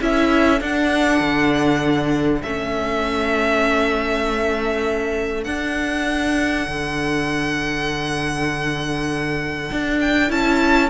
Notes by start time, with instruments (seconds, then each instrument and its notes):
0.00 cello C#4, viola E4, violin A4 E5
0.60 viola D4, cello D4, violin F#5
1.20 cello D3
2.43 cello A3, viola C#4, violin E5
5.44 viola D4, cello D4, violin F#5
6.67 cello D3
9.72 cello D4
10.01 violin G5
10.28 cello C#4, viola E4, violin A5